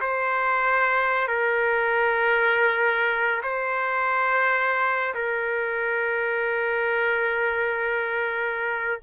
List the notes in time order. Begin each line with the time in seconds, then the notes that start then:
0.00 C5
1.27 A#4
3.42 C5
5.14 A#4